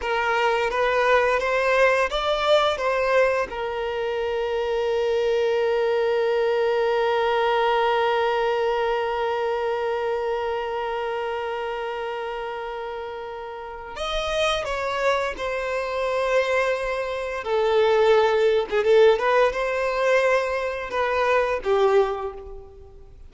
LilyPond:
\new Staff \with { instrumentName = "violin" } { \time 4/4 \tempo 4 = 86 ais'4 b'4 c''4 d''4 | c''4 ais'2.~ | ais'1~ | ais'1~ |
ais'1 | dis''4 cis''4 c''2~ | c''4 a'4.~ a'16 gis'16 a'8 b'8 | c''2 b'4 g'4 | }